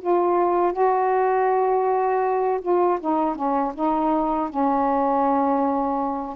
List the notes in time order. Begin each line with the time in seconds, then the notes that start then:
0.00 F4
0.72 F#4
2.61 F4
3.00 D#4
3.35 C#4
3.74 D#4
4.49 C#4